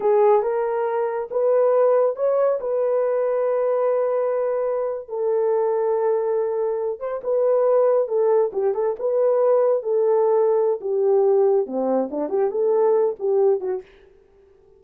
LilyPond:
\new Staff \with { instrumentName = "horn" } { \time 4/4 \tempo 4 = 139 gis'4 ais'2 b'4~ | b'4 cis''4 b'2~ | b'2.~ b'8. a'16~ | a'1~ |
a'16 c''8 b'2 a'4 g'16~ | g'16 a'8 b'2 a'4~ a'16~ | a'4 g'2 c'4 | d'8 g'8 a'4. g'4 fis'8 | }